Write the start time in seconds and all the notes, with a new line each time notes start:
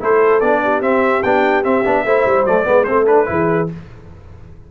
0.00 A3 E4 A4 C5
0.40 B3 D4 D5
0.63 G4
0.81 C4 E5
1.23 B3 D4 G5
1.64 C4 E5
1.85 B3 D4
2.05 A3 E4 C5
2.26 G3
2.45 F#3 A3 D5
2.65 G#3 B3 B4
2.84 A3 C4 A4 C5
3.07 D4 B4
3.26 E3 E4 G#4